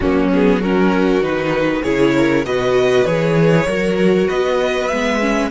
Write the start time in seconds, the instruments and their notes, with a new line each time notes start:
0.00 cello F#3, viola A#3, violin C#4 F#4
0.32 viola B3, violin G#4
0.60 viola C#4, violin F#4 A#4
1.20 cello D#3, viola D#4, violin B4
1.82 cello C#3, viola E4, violin G#4 C#5
2.16 violin A#4
2.45 cello B2, viola F#4, violin B4 D#5
3.05 cello E3, viola G#4, violin C#5
3.66 cello F#3, viola F#4, violin A#4
4.27 cello B3, violin B4 D#5
4.88 cello G#3, viola B3, violin E5
5.21 viola C#4